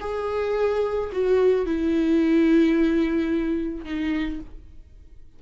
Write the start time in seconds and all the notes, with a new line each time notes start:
0.00 G#4
1.12 F#4
1.66 E4
3.85 D#4